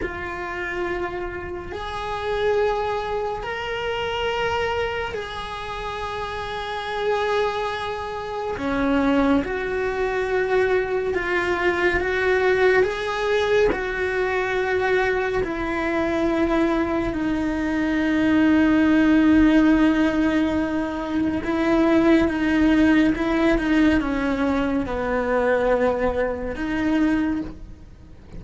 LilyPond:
\new Staff \with { instrumentName = "cello" } { \time 4/4 \tempo 4 = 70 f'2 gis'2 | ais'2 gis'2~ | gis'2 cis'4 fis'4~ | fis'4 f'4 fis'4 gis'4 |
fis'2 e'2 | dis'1~ | dis'4 e'4 dis'4 e'8 dis'8 | cis'4 b2 dis'4 | }